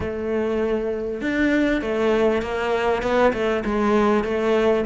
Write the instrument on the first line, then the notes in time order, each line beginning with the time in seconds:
cello
0.00 A3
1.21 D4
1.81 A3
2.42 A#3
3.02 B3
3.33 A3
3.64 G#3
4.24 A3